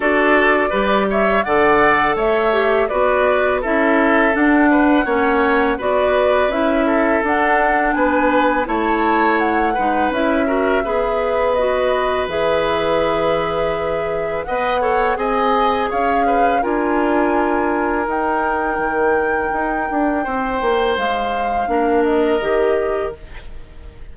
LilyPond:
<<
  \new Staff \with { instrumentName = "flute" } { \time 4/4 \tempo 4 = 83 d''4. e''8 fis''4 e''4 | d''4 e''4 fis''2 | d''4 e''4 fis''4 gis''4 | a''4 fis''4 e''2 |
dis''4 e''2. | fis''4 gis''4 f''4 gis''4~ | gis''4 g''2.~ | g''4 f''4. dis''4. | }
  \new Staff \with { instrumentName = "oboe" } { \time 4/4 a'4 b'8 cis''8 d''4 cis''4 | b'4 a'4. b'8 cis''4 | b'4. a'4. b'4 | cis''4. b'4 ais'8 b'4~ |
b'1 | dis''8 cis''8 dis''4 cis''8 b'8 ais'4~ | ais'1 | c''2 ais'2 | }
  \new Staff \with { instrumentName = "clarinet" } { \time 4/4 fis'4 g'4 a'4. g'8 | fis'4 e'4 d'4 cis'4 | fis'4 e'4 d'2 | e'4. dis'8 e'8 fis'8 gis'4 |
fis'4 gis'2. | b'8 a'8 gis'2 f'4~ | f'4 dis'2.~ | dis'2 d'4 g'4 | }
  \new Staff \with { instrumentName = "bassoon" } { \time 4/4 d'4 g4 d4 a4 | b4 cis'4 d'4 ais4 | b4 cis'4 d'4 b4 | a4. gis8 cis'4 b4~ |
b4 e2. | b4 c'4 cis'4 d'4~ | d'4 dis'4 dis4 dis'8 d'8 | c'8 ais8 gis4 ais4 dis4 | }
>>